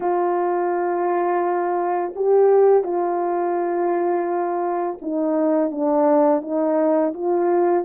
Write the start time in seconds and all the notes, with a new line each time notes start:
0.00 F4
2.15 G4
2.83 F4
5.01 D#4
5.71 D4
6.41 D#4
7.13 F4